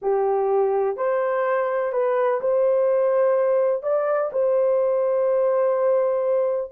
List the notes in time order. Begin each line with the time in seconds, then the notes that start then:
0.02 G4
0.96 C5
1.92 B4
2.40 C5
3.82 D5
4.32 C5